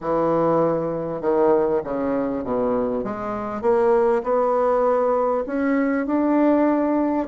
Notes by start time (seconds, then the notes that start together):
0.00 E3
1.21 D#3
1.83 C#3
2.44 B2
3.04 G#3
3.61 A#3
4.23 B3
5.46 C#4
6.06 D4